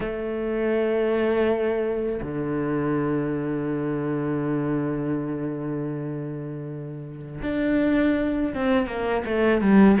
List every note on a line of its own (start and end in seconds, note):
0.00 2.20 A3
2.22 7.40 D3
7.42 8.53 D4
8.54 8.87 C4
8.87 9.24 A#3
9.25 9.61 A3
9.61 9.98 G3